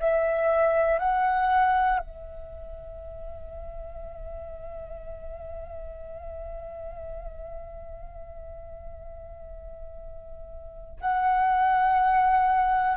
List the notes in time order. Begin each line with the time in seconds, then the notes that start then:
0.00 E5
0.99 F#5
1.99 E5
11.01 F#5